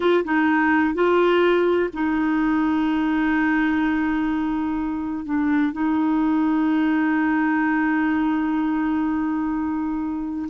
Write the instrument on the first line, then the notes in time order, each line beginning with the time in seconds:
clarinet
0.00 F4
0.24 D#4
0.94 F4
1.93 D#4
5.25 D4
5.72 D#4